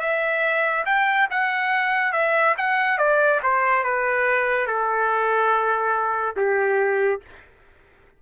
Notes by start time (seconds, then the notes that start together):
0.00 E5
0.86 G5
1.31 F#5
2.12 E5
2.58 F#5
2.98 D5
3.43 C5
3.84 B4
4.67 A4
6.36 G4